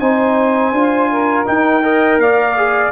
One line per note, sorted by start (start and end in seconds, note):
0.00 0.73 C4
0.00 0.74 D#4
0.00 1.11 C5
0.00 1.46 G#5
0.73 1.46 D4
0.73 1.46 F4
1.11 1.83 A#4
1.46 1.82 D#4
1.46 2.19 D#4
1.46 2.20 G5
1.83 2.56 A#4
1.83 2.19 D#5
2.19 2.92 A#3
2.19 2.92 D5
2.19 2.92 F5
2.57 2.92 G#4